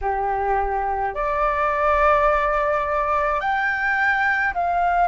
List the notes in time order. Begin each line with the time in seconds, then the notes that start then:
0.01 G4
1.14 D5
3.40 G5
4.53 F5